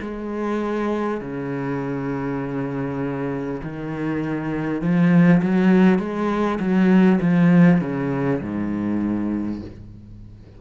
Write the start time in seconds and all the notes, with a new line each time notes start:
0.00 G#3
1.20 C#3
3.62 D#3
4.81 F3
5.42 F#3
5.98 G#3
6.59 F#3
7.21 F3
7.80 C#3
8.41 G#2